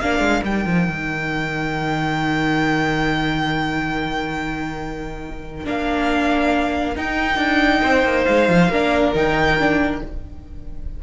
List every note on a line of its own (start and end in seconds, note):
0.00 0.20 A#3
0.00 0.44 D4
0.00 7.83 A#4
0.00 0.43 F5
0.20 0.42 G#3
0.44 0.66 G3
0.44 5.65 D#4
0.44 5.67 G5
0.66 0.87 F3
0.87 5.66 D#3
5.65 6.96 A#3
5.65 6.95 D4
5.65 6.97 F5
6.96 7.37 D#4
6.96 8.70 D#4
6.96 8.25 G5
7.37 7.80 D4
7.83 8.04 C4
7.83 8.70 C5
8.04 8.25 A#3
8.25 8.49 G#3
8.25 9.12 F5
8.49 8.69 F3
8.69 9.12 A#3
8.69 9.15 D4
8.69 10.00 A#4
9.15 10.02 D#3
9.15 9.59 D#4
9.15 10.02 G5
9.60 10.03 D4